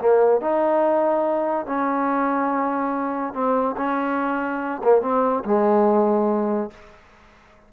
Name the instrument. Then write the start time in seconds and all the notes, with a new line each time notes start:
trombone
0.00 A#3
0.41 D#4
1.66 C#4
3.34 C4
3.76 C#4
4.84 A#3
5.02 C4
5.44 G#3